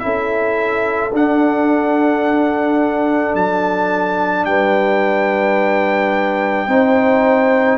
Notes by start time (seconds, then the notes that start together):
0.00 C#4 E4 A4 E5
1.12 D4 F#5
3.34 F#3 A5
4.45 G3 B4 G5
6.67 C4 D#4 C5